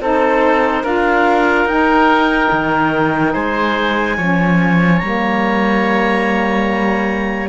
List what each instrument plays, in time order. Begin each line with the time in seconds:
0.00 cello C4, saxophone D#4, oboe A4, clarinet C5
0.83 cello D4, saxophone F4, oboe A#4, clarinet F5
1.65 cello D#4, saxophone D#4, clarinet G5
2.51 cello D#3
3.33 cello G#3, oboe C5, clarinet G#5
4.17 cello F3, saxophone C#4, oboe C#5
4.98 cello G3, saxophone A#3, clarinet A#5